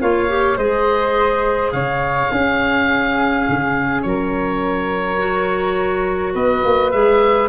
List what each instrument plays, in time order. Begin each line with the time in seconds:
0.00 tuba A#3, clarinet F4, flute C#5, oboe F5
0.28 clarinet G4
0.57 tuba G#3, clarinet G#4, flute C5, oboe D#5
1.72 tuba C#3, flute C#5, oboe F5
2.30 clarinet C#4, tuba C#4, flute G#4
3.49 tuba C#3
4.02 tuba F#3, flute A#4, oboe C#5
5.18 clarinet F#4
6.33 tuba B3, flute B4, oboe D#5
6.64 tuba A#3
6.91 tuba G#3, clarinet G#4, oboe E5